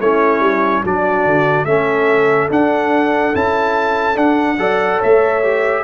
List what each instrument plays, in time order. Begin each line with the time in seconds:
0.00 tuba A3, trombone C#4, horn E4, trumpet C#5
0.40 tuba G3
0.85 tuba F#3, trombone D4, horn F#4, trumpet D5
1.26 tuba D3
1.65 tuba A3, trombone C#4, horn A4, trumpet E5
2.50 tuba D4, trombone D4, trumpet F#5
3.34 tuba C#4, trombone E4, trumpet A5
4.15 trombone D4, tuba D4, trumpet F#5
4.59 tuba F#3, trombone A4, horn D5
4.98 tuba A3, horn C#5, trumpet E5
5.43 trombone G4